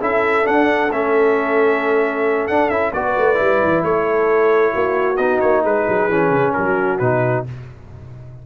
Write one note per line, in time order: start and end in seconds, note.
0.00 0.45 C#4
0.00 0.43 E4
0.00 2.93 A4
0.00 0.46 E5
0.43 0.88 D4
0.43 0.90 D4
0.43 0.91 F#5
0.90 2.48 A3
0.90 2.50 C#4
0.90 2.47 E5
2.47 2.69 D4
2.47 2.70 D4
2.47 2.69 F#5
2.69 2.92 C#4
2.69 2.93 E4
2.69 2.92 E5
2.93 3.16 B3
2.93 3.35 F#4
2.93 3.85 B4
2.93 3.83 D5
3.17 3.40 A3
3.35 3.62 G3
3.35 5.15 E4
3.63 3.83 E3
3.83 4.73 A3
3.83 4.72 A4
3.83 5.16 C#5
4.72 5.17 A#3
4.72 5.63 F#4
5.16 5.40 B3
5.16 6.10 D#4
5.16 5.39 D#5
5.40 5.64 A#3
5.40 5.62 C#5
5.63 5.86 G#3
5.63 6.54 G#4
5.63 6.53 B4
5.87 6.08 F#3
6.08 6.30 E3
6.08 7.01 C#4
6.30 6.53 C#3
6.53 7.00 F#3
6.53 7.46 F#4
6.53 6.98 A#4
6.98 7.45 B2
6.98 7.46 D#4
6.98 7.44 B4